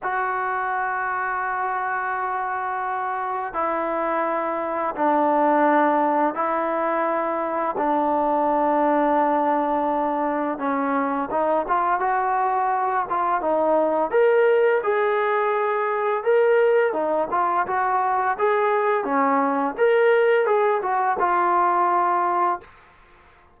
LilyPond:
\new Staff \with { instrumentName = "trombone" } { \time 4/4 \tempo 4 = 85 fis'1~ | fis'4 e'2 d'4~ | d'4 e'2 d'4~ | d'2. cis'4 |
dis'8 f'8 fis'4. f'8 dis'4 | ais'4 gis'2 ais'4 | dis'8 f'8 fis'4 gis'4 cis'4 | ais'4 gis'8 fis'8 f'2 | }